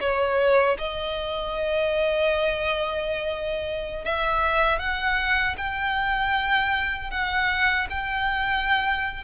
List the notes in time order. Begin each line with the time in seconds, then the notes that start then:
0.00 C#5
0.78 D#5
4.04 E5
4.79 F#5
5.57 G5
7.10 F#5
7.90 G5